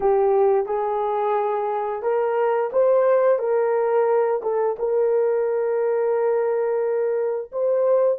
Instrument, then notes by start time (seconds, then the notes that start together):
horn
0.00 G4
0.65 G#4
2.02 A#4
2.72 C5
3.38 A#4
4.42 A4
4.78 A#4
7.52 C5